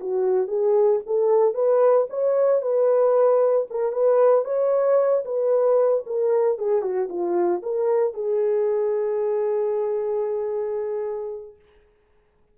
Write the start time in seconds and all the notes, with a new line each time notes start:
0.00 F#4
0.47 G#4
1.06 A4
1.54 B4
2.10 C#5
2.61 B4
3.70 A#4
3.92 B4
4.44 C#5
5.25 B4
6.06 A#4
6.58 G#4
6.82 F#4
7.09 F4
7.62 A#4
8.14 G#4